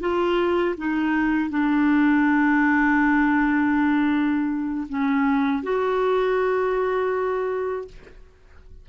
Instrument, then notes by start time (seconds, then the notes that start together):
clarinet
0.00 F4
0.77 D#4
1.50 D4
4.89 C#4
5.63 F#4